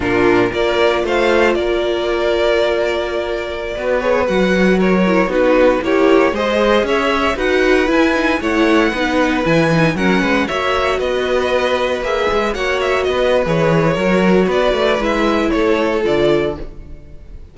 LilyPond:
<<
  \new Staff \with { instrumentName = "violin" } { \time 4/4 \tempo 4 = 116 ais'4 d''4 f''4 d''4~ | d''2.~ d''8. cis''16~ | cis''16 fis''4 cis''4 b'4 cis''8.~ | cis''16 dis''4 e''4 fis''4 gis''8.~ |
gis''16 fis''2 gis''4 fis''8.~ | fis''16 e''4 dis''2 e''8.~ | e''16 fis''8 e''8 dis''8. cis''2 | d''4 e''4 cis''4 d''4 | }
  \new Staff \with { instrumentName = "violin" } { \time 4/4 f'4 ais'4 c''4 ais'4~ | ais'2.~ ais'16 b'8.~ | b'4~ b'16 ais'4 fis'4 g'8.~ | g'16 c''4 cis''4 b'4.~ b'16~ |
b'16 cis''4 b'2 ais'8 b'16~ | b'16 cis''4 b'2~ b'8.~ | b'16 cis''4 b'4.~ b'16 ais'4 | b'2 a'2 | }
  \new Staff \with { instrumentName = "viola" } { \time 4/4 d'4 f'2.~ | f'2.~ f'16 fis'8 gis'16~ | gis'16 fis'4. e'8 dis'4 e'8.~ | e'16 gis'2 fis'4 e'8 dis'16~ |
dis'16 e'4 dis'4 e'8 dis'8 cis'8.~ | cis'16 fis'2. gis'8.~ | gis'16 fis'4.~ fis'16 gis'4 fis'4~ | fis'4 e'2 f'4 | }
  \new Staff \with { instrumentName = "cello" } { \time 4/4 ais,4 ais4 a4 ais4~ | ais2.~ ais16 b8.~ | b16 fis2 b4 ais8.~ | ais16 gis4 cis'4 dis'4 e'8.~ |
e'16 a4 b4 e4 fis8 gis16~ | gis16 ais4 b2 ais8 gis16~ | gis16 ais4 b8. e4 fis4 | b8 a8 gis4 a4 d4 | }
>>